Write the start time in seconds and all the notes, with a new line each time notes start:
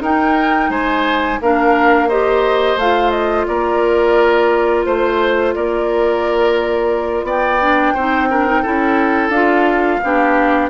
0.00 D#4 A#4 G5
0.69 G#3 C5 G#5
1.41 A#3 D4 A#4 F5
2.08 G4 C5 D#5
2.76 A3 F4 F5
3.10 D#5
3.46 A#3 A#4 D5
4.85 A3 C5
5.54 A#3 A#4 D5
7.23 B3 D5 G5
7.61 D4
7.93 C4 D#4 C5
8.30 D4 A#4
8.46 D#4
8.62 C#4 E4 A4
9.29 D4 F4 F5
10.02 B3 D4 G4